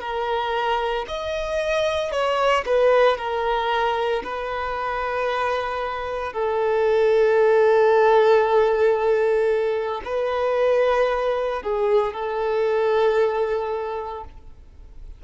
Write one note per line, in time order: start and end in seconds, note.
0.00 1.05 A#4
1.08 2.11 D#5
2.11 2.64 C#5
2.66 3.17 B4
3.17 4.22 A#4
4.23 6.33 B4
6.33 10.01 A4
10.04 11.62 B4
11.62 12.13 G#4
12.13 14.23 A4